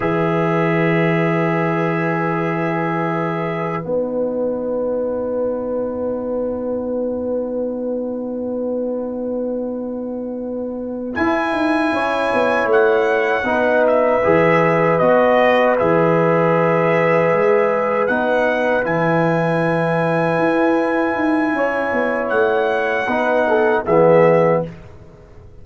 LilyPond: <<
  \new Staff \with { instrumentName = "trumpet" } { \time 4/4 \tempo 4 = 78 e''1~ | e''4 fis''2.~ | fis''1~ | fis''2~ fis''8 gis''4.~ |
gis''8 fis''4. e''4. dis''8~ | dis''8 e''2. fis''8~ | fis''8 gis''2.~ gis''8~ | gis''4 fis''2 e''4 | }
  \new Staff \with { instrumentName = "horn" } { \time 4/4 b'1~ | b'1~ | b'1~ | b'2.~ b'8 cis''8~ |
cis''4. b'2~ b'8~ | b'1~ | b'1 | cis''2 b'8 a'8 gis'4 | }
  \new Staff \with { instrumentName = "trombone" } { \time 4/4 gis'1~ | gis'4 dis'2.~ | dis'1~ | dis'2~ dis'8 e'4.~ |
e'4. dis'4 gis'4 fis'8~ | fis'8 gis'2. dis'8~ | dis'8 e'2.~ e'8~ | e'2 dis'4 b4 | }
  \new Staff \with { instrumentName = "tuba" } { \time 4/4 e1~ | e4 b2.~ | b1~ | b2~ b8 e'8 dis'8 cis'8 |
b8 a4 b4 e4 b8~ | b8 e2 gis4 b8~ | b8 e2 e'4 dis'8 | cis'8 b8 a4 b4 e4 | }
>>